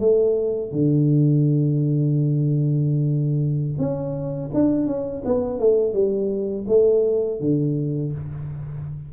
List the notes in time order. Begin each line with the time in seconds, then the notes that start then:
0.00 A3
0.72 D3
3.79 C#4
4.54 D4
4.87 C#4
5.25 B3
5.60 A3
5.94 G3
6.68 A3
7.41 D3